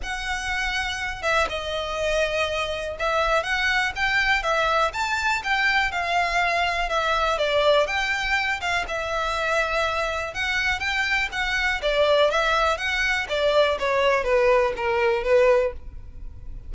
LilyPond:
\new Staff \with { instrumentName = "violin" } { \time 4/4 \tempo 4 = 122 fis''2~ fis''8 e''8 dis''4~ | dis''2 e''4 fis''4 | g''4 e''4 a''4 g''4 | f''2 e''4 d''4 |
g''4. f''8 e''2~ | e''4 fis''4 g''4 fis''4 | d''4 e''4 fis''4 d''4 | cis''4 b'4 ais'4 b'4 | }